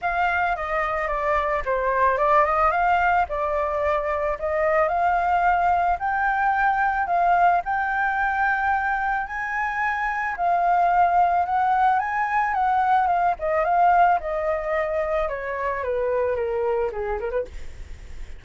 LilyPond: \new Staff \with { instrumentName = "flute" } { \time 4/4 \tempo 4 = 110 f''4 dis''4 d''4 c''4 | d''8 dis''8 f''4 d''2 | dis''4 f''2 g''4~ | g''4 f''4 g''2~ |
g''4 gis''2 f''4~ | f''4 fis''4 gis''4 fis''4 | f''8 dis''8 f''4 dis''2 | cis''4 b'4 ais'4 gis'8 ais'16 b'16 | }